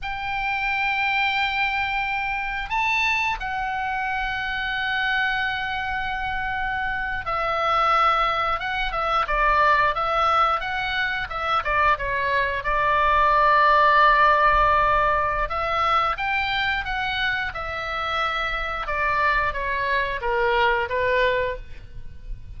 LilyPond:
\new Staff \with { instrumentName = "oboe" } { \time 4/4 \tempo 4 = 89 g''1 | a''4 fis''2.~ | fis''2~ fis''8. e''4~ e''16~ | e''8. fis''8 e''8 d''4 e''4 fis''16~ |
fis''8. e''8 d''8 cis''4 d''4~ d''16~ | d''2. e''4 | g''4 fis''4 e''2 | d''4 cis''4 ais'4 b'4 | }